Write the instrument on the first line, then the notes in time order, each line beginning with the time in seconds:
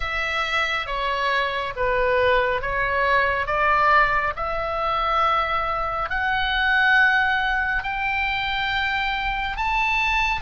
oboe
0.00 E5
0.86 C#5
1.76 B4
2.61 C#5
3.46 D5
4.36 E5
6.09 F#5
7.83 G5
9.57 A5